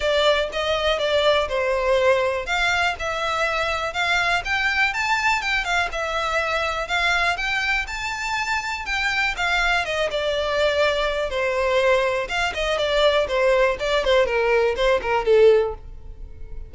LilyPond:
\new Staff \with { instrumentName = "violin" } { \time 4/4 \tempo 4 = 122 d''4 dis''4 d''4 c''4~ | c''4 f''4 e''2 | f''4 g''4 a''4 g''8 f''8 | e''2 f''4 g''4 |
a''2 g''4 f''4 | dis''8 d''2~ d''8 c''4~ | c''4 f''8 dis''8 d''4 c''4 | d''8 c''8 ais'4 c''8 ais'8 a'4 | }